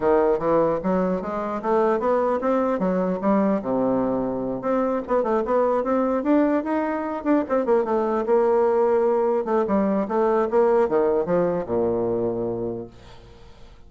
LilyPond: \new Staff \with { instrumentName = "bassoon" } { \time 4/4 \tempo 4 = 149 dis4 e4 fis4 gis4 | a4 b4 c'4 fis4 | g4 c2~ c8 c'8~ | c'8 b8 a8 b4 c'4 d'8~ |
d'8 dis'4. d'8 c'8 ais8 a8~ | a8 ais2. a8 | g4 a4 ais4 dis4 | f4 ais,2. | }